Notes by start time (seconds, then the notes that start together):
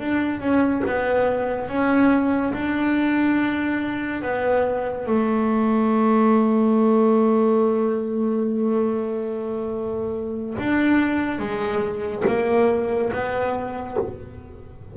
0.00 D4
0.40 C#4
0.87 B3
1.69 C#4
2.54 D4
4.23 B3
5.07 A3
10.59 D4
11.39 G#3
12.27 A#3
13.13 B3